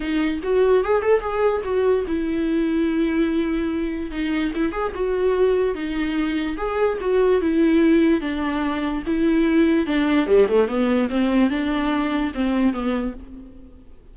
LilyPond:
\new Staff \with { instrumentName = "viola" } { \time 4/4 \tempo 4 = 146 dis'4 fis'4 gis'8 a'8 gis'4 | fis'4 e'2.~ | e'2 dis'4 e'8 gis'8 | fis'2 dis'2 |
gis'4 fis'4 e'2 | d'2 e'2 | d'4 g8 a8 b4 c'4 | d'2 c'4 b4 | }